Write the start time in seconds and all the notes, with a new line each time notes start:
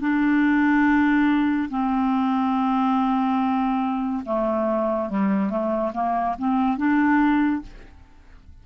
0.00 D4
1.70 C4
4.26 A3
5.09 G3
5.50 A3
5.94 A#3
6.38 C4
6.77 D4